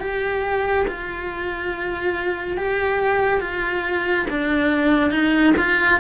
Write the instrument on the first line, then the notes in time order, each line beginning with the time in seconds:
cello
0.00 G4
0.88 F4
2.58 G4
3.41 F4
4.30 D4
5.11 D#4
5.58 F4